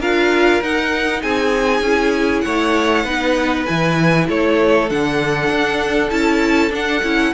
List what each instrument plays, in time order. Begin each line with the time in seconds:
0.00 cello D4, viola F4, violin A#4 F5
0.62 cello D#4, viola D#4, violin F#5
1.23 cello C4, violin G#4 G#5
1.81 cello C#4, viola E4
2.41 cello A3, violin C#5 F#5
3.04 cello B3, viola D#4, violin B4
3.66 cello E3, viola E4, violin G#5
4.28 cello A3, violin A4 C#5
4.90 cello D3, viola D4, violin F#5
5.50 cello D4
6.10 cello C#4, viola E4, violin A5
6.70 viola D4, cello D4, violin F#5
7.03 cello C#4, viola E4